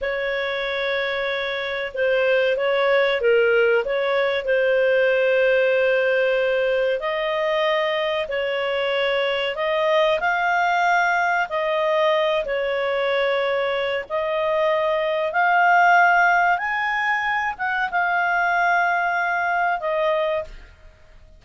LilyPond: \new Staff \with { instrumentName = "clarinet" } { \time 4/4 \tempo 4 = 94 cis''2. c''4 | cis''4 ais'4 cis''4 c''4~ | c''2. dis''4~ | dis''4 cis''2 dis''4 |
f''2 dis''4. cis''8~ | cis''2 dis''2 | f''2 gis''4. fis''8 | f''2. dis''4 | }